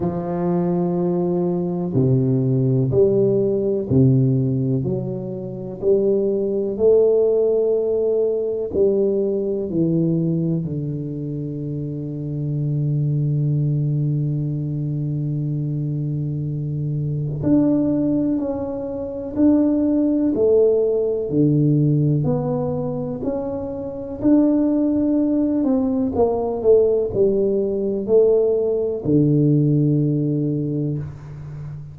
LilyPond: \new Staff \with { instrumentName = "tuba" } { \time 4/4 \tempo 4 = 62 f2 c4 g4 | c4 fis4 g4 a4~ | a4 g4 e4 d4~ | d1~ |
d2 d'4 cis'4 | d'4 a4 d4 b4 | cis'4 d'4. c'8 ais8 a8 | g4 a4 d2 | }